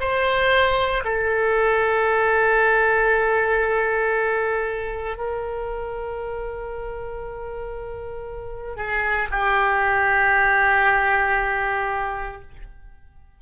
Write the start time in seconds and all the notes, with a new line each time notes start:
0.00 C5
1.05 A4
5.17 A#4
8.76 G#4
9.32 G4